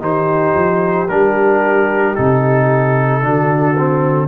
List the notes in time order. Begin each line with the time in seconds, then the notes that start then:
0.00 D#3 D#4 G4 C5
0.54 F3
1.08 G3 D4 A#4
2.15 C3 D#4 A4
3.22 D3 D4 F#4
3.77 C4